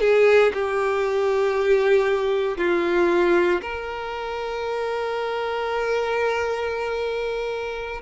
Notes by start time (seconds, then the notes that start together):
0.00 G#4
0.53 G4
2.57 F4
3.61 A#4